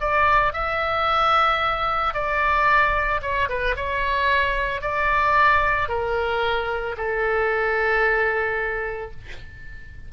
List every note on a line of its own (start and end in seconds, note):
0.00 0.53 D5
0.53 2.13 E5
2.14 3.21 D5
3.21 3.48 C#5
3.49 3.75 B4
3.76 4.81 C#5
4.81 5.88 D5
5.88 6.95 A#4
6.96 9.11 A4